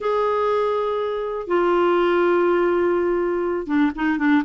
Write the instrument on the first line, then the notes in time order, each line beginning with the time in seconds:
clarinet
0.00 G#4
1.47 F4
3.66 D4
3.95 D#4
4.18 D4